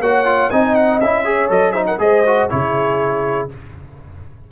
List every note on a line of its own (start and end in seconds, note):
0.00 0.50 A#3
0.00 0.26 F#4
0.00 0.50 C#5
0.00 0.50 F#5
0.26 0.51 F4
0.50 1.01 C4
0.50 1.02 D#4
0.50 1.25 D#5
0.50 0.75 G#5
0.75 1.00 F#5
1.00 1.50 C#4
1.00 1.25 E4
1.00 1.50 E5
1.25 1.50 G#4
1.25 1.73 C#5
1.50 1.99 F#3
1.50 1.74 A4
1.50 1.72 D#5
1.72 1.99 D#4
1.72 1.85 C5
1.72 1.85 E5
1.87 2.00 A#4
1.87 1.99 F#5
1.99 2.49 G#3
1.99 2.24 G#4
1.99 2.52 C5
1.99 2.50 D#5
2.26 2.50 F#4
2.50 3.52 C#3
2.50 3.49 E4
2.50 3.51 G#4
2.50 3.49 C#5